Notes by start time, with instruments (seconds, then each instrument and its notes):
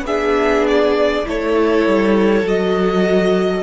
0.00 cello B3, viola D4, violin G#4
0.06 violin E5
0.67 violin D5
1.24 cello A3, viola E4, violin A4 C#5
1.85 cello G3
2.42 cello F#3, viola F#4, violin D#5